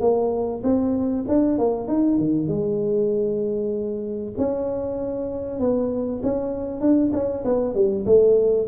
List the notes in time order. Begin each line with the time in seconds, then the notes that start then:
0.00 A#3
0.63 C4
1.28 D4
1.58 A#3
1.88 D#4
2.18 D#3
2.48 G#3
4.37 C#4
5.60 B3
6.23 C#4
6.80 D4
7.13 C#4
7.44 B3
7.74 G3
8.06 A3